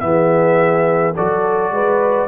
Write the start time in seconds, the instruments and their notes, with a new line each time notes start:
0.00 tuba E3, trombone B3, horn G#4, trumpet E5
1.15 tuba F#3, trombone F#4, horn A4, trumpet D5
1.70 tuba G#3, horn B4